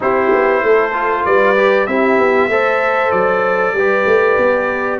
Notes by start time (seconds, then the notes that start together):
0.00 C4 E4 G4 C5
0.32 B3
0.62 A3 A4
0.93 F4
1.25 G3 B4 D5
1.56 G4
1.87 C4 E4 G4 E5
2.17 B3
2.48 A3 A4 C5
3.11 F#3 D5
3.73 G3 G4 B4
4.05 A3
4.37 B3